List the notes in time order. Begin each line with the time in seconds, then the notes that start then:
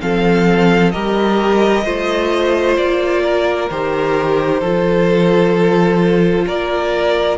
0.00 F3 C4 A4 F5
0.91 G3 G4 A#4 D#5
1.84 A3 F4 C5
2.77 A#3 D5
3.23 A#4
3.70 D#3 G4 C5
4.60 F3 F4 A4
6.46 A#3 A#4 D5